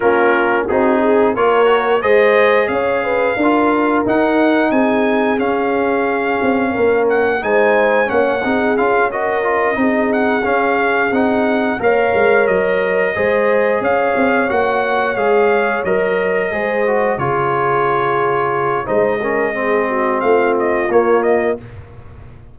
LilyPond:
<<
  \new Staff \with { instrumentName = "trumpet" } { \time 4/4 \tempo 4 = 89 ais'4 gis'4 cis''4 dis''4 | f''2 fis''4 gis''4 | f''2~ f''8 fis''8 gis''4 | fis''4 f''8 dis''4. fis''8 f''8~ |
f''8 fis''4 f''4 dis''4.~ | dis''8 f''4 fis''4 f''4 dis''8~ | dis''4. cis''2~ cis''8 | dis''2 f''8 dis''8 cis''8 dis''8 | }
  \new Staff \with { instrumentName = "horn" } { \time 4/4 f'4 fis'8 gis'8 ais'4 c''4 | cis''8 b'8 ais'2 gis'4~ | gis'2 ais'4 c''4 | cis''8 gis'4 ais'4 gis'4.~ |
gis'4. cis''2 c''8~ | c''8 cis''2.~ cis''8~ | cis''8 c''4 gis'2~ gis'8 | c''8 ais'8 gis'8 fis'8 f'2 | }
  \new Staff \with { instrumentName = "trombone" } { \time 4/4 cis'4 dis'4 f'8 fis'8 gis'4~ | gis'4 f'4 dis'2 | cis'2. dis'4 | cis'8 dis'8 f'8 fis'8 f'8 dis'4 cis'8~ |
cis'8 dis'4 ais'2 gis'8~ | gis'4. fis'4 gis'4 ais'8~ | ais'8 gis'8 fis'8 f'2~ f'8 | dis'8 cis'8 c'2 ais4 | }
  \new Staff \with { instrumentName = "tuba" } { \time 4/4 ais4 c'4 ais4 gis4 | cis'4 d'4 dis'4 c'4 | cis'4. c'8 ais4 gis4 | ais8 c'8 cis'4. c'4 cis'8~ |
cis'8 c'4 ais8 gis8 fis4 gis8~ | gis8 cis'8 c'8 ais4 gis4 fis8~ | fis8 gis4 cis2~ cis8 | gis2 a4 ais4 | }
>>